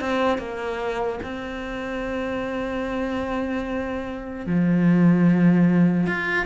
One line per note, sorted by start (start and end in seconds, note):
0.00 0.38 C4
0.38 1.19 A#3
1.23 4.46 C4
4.46 6.07 F3
6.07 6.46 F4